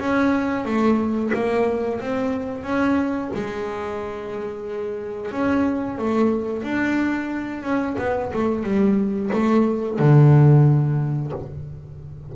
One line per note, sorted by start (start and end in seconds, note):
0.00 0.65 C#4
0.65 1.32 A3
1.34 2.01 A#3
2.01 2.64 C4
2.64 3.30 C#4
3.35 5.32 G#3
5.32 5.98 C#4
5.98 6.63 A3
6.63 7.63 D4
7.63 7.97 C#4
7.98 8.32 B3
8.34 8.64 A3
8.64 9.31 G3
9.33 9.99 A3
9.99 11.33 D3